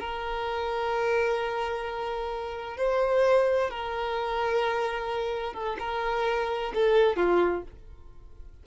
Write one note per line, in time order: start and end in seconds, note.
0.00 2.78 A#4
2.78 3.71 C5
3.71 5.54 A#4
5.54 5.77 A4
5.80 6.73 A#4
6.75 7.17 A4
7.17 7.63 F4